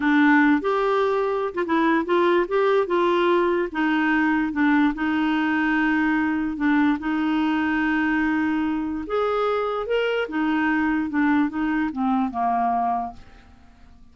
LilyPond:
\new Staff \with { instrumentName = "clarinet" } { \time 4/4 \tempo 4 = 146 d'4. g'2~ g'16 f'16 | e'4 f'4 g'4 f'4~ | f'4 dis'2 d'4 | dis'1 |
d'4 dis'2.~ | dis'2 gis'2 | ais'4 dis'2 d'4 | dis'4 c'4 ais2 | }